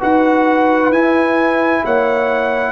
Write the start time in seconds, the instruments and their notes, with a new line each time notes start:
0.00 tuba D#4, trombone F#4, horn B4, trumpet F#5
0.91 tuba E4, trombone E4, trumpet G#5
1.84 tuba A#3, horn C#5, trumpet F#5